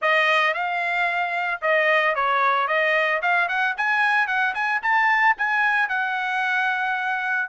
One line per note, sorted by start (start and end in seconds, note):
0.01 0.54 D#5
0.54 1.61 F5
1.61 2.15 D#5
2.15 2.67 C#5
2.67 3.21 D#5
3.21 3.48 F5
3.48 3.75 F#5
3.77 4.27 G#5
4.27 4.54 F#5
4.54 4.81 G#5
4.82 5.36 A5
5.37 5.88 G#5
5.88 7.48 F#5